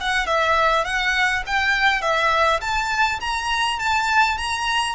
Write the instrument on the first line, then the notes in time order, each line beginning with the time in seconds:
violin
0.00 F#5
0.26 E5
0.84 F#5
1.46 G5
2.01 E5
2.60 A5
3.20 A#5
3.79 A5
4.37 A#5